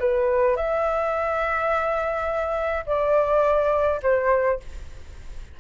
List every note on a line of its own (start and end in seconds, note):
0.00 0.57 B4
0.57 2.85 E5
2.86 4.01 D5
4.03 4.60 C5